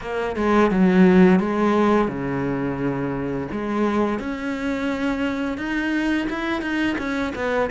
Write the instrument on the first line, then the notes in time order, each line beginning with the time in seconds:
cello
0.01 A#3
0.36 G#3
0.70 F#3
1.39 G#3
2.07 C#3
3.51 G#3
4.19 C#4
5.57 D#4
6.29 E4
6.61 D#4
6.98 C#4
7.35 B3